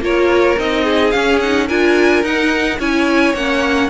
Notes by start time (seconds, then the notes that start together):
0.00 A#3 F4 A#4 C#5
0.57 C4 D#4 D#5
0.84 G#4
1.11 C#4 F5
1.40 D#4 F#5
1.66 D4 F4 A#4 G#5
2.23 D#4 F#5
2.79 C#4 E4 C#5 G#5
3.34 A#3 C#4 F#5